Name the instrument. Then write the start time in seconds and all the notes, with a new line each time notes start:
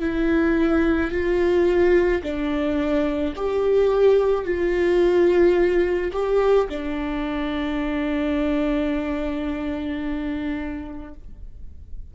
viola
0.00 E4
1.11 F4
2.23 D4
3.36 G4
4.45 F4
6.13 G4
6.70 D4